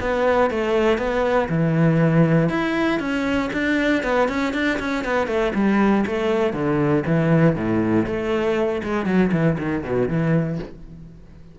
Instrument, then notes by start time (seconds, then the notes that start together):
cello
0.00 B3
0.50 A3
0.98 B3
1.49 E3
2.49 E4
2.99 C#4
3.52 D4
4.03 B3
4.28 C#4
4.53 D4
4.79 C#4
5.04 B3
5.27 A3
5.54 G3
6.06 A3
6.53 D3
7.06 E3
7.55 A2
8.06 A3
8.83 G#3
9.05 F#3
9.32 E3
9.58 D#3
9.83 B2
10.08 E3